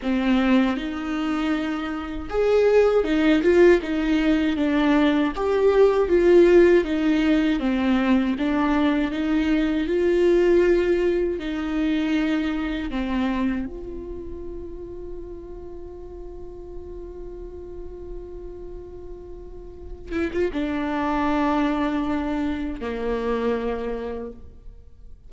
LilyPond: \new Staff \with { instrumentName = "viola" } { \time 4/4 \tempo 4 = 79 c'4 dis'2 gis'4 | dis'8 f'8 dis'4 d'4 g'4 | f'4 dis'4 c'4 d'4 | dis'4 f'2 dis'4~ |
dis'4 c'4 f'2~ | f'1~ | f'2~ f'8 e'16 f'16 d'4~ | d'2 ais2 | }